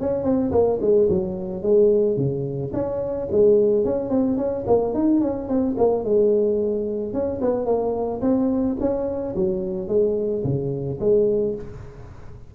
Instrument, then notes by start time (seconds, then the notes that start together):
tuba
0.00 C#4
0.24 C4
0.52 A#3
0.81 G#3
1.10 F#3
1.62 G#3
2.17 C#3
2.73 C#4
3.31 G#3
3.85 C#4
4.10 C4
4.37 C#4
4.67 A#3
4.94 D#4
5.21 C#4
5.48 C4
5.78 A#3
6.04 G#3
7.13 C#4
7.41 B3
7.66 A#3
8.21 C4
8.80 C#4
9.36 F#3
9.88 G#3
10.44 C#3
11.00 G#3